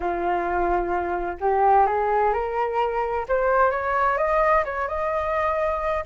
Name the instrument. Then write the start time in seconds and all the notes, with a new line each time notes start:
flute
0.00 F4
1.40 G4
1.86 G#4
2.33 A#4
3.28 C5
3.71 C#5
4.17 D#5
4.64 C#5
4.88 D#5